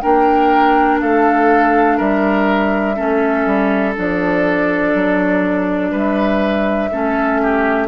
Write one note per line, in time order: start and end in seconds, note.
0.00 1.02 A#3
0.00 2.95 D4
0.00 1.00 A#4
0.00 0.98 G5
1.01 1.99 A3
1.01 1.97 A4
1.01 1.97 F5
1.97 2.98 G3
1.97 2.95 A#4
1.97 3.94 E5
2.95 3.46 A3
2.95 3.94 C#4
2.95 5.91 A4
3.46 3.95 G3
3.95 4.94 F3
3.95 6.90 D4
3.95 5.94 D5
4.94 5.91 F#3
5.91 6.89 G3
5.91 6.89 B4
5.91 7.87 E5
6.92 7.87 A3
6.92 7.87 C#4
6.92 7.41 A4
7.42 7.87 G4